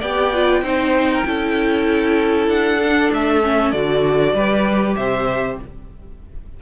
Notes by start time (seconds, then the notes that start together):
0.00 B3 G4 D5 G5
0.34 F4
0.62 C4 D#4 C5
1.13 A#4
1.25 C#4 E4 A4
2.48 D4 F#5
2.84 D4
3.12 A3 E5
3.43 C#4
3.71 D3 F#4 D5
4.33 G3 G4 B4
4.96 C3 C5 E5